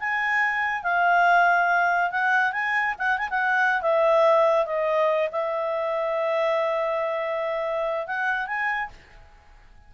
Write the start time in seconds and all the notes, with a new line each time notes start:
0.00 G#5
0.84 F5
2.11 F#5
2.53 G#5
2.99 F#5
3.19 G#5
3.31 F#5
3.82 E5
4.66 D#5
5.32 E5
8.07 F#5
8.48 G#5